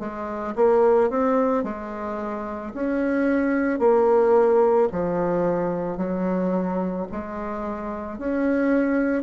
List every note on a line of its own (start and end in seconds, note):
0.00 0.55 G#3
0.56 1.10 A#3
1.10 1.64 C4
1.64 2.73 G#3
2.74 3.79 C#4
3.79 4.88 A#3
4.92 5.97 F3
5.97 7.06 F#3
7.12 8.18 G#3
8.18 9.23 C#4